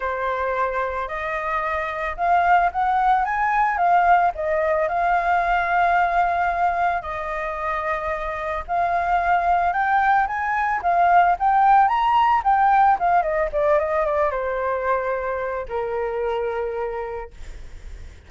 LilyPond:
\new Staff \with { instrumentName = "flute" } { \time 4/4 \tempo 4 = 111 c''2 dis''2 | f''4 fis''4 gis''4 f''4 | dis''4 f''2.~ | f''4 dis''2. |
f''2 g''4 gis''4 | f''4 g''4 ais''4 g''4 | f''8 dis''8 d''8 dis''8 d''8 c''4.~ | c''4 ais'2. | }